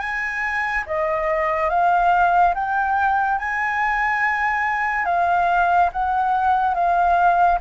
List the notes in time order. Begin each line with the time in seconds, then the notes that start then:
0.00 G#5
0.87 D#5
1.70 F5
2.55 G5
3.38 G#5
5.06 F5
5.93 F#5
6.75 F5